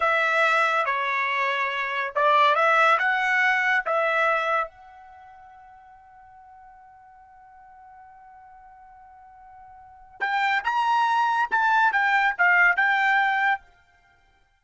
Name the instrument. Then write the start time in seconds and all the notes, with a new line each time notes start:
trumpet
0.00 E5
0.85 C#5
2.15 D5
2.55 E5
2.98 F#5
3.85 E5
4.68 F#5
10.20 G5
10.64 A#5
11.50 A5
11.92 G5
12.38 F5
12.76 G5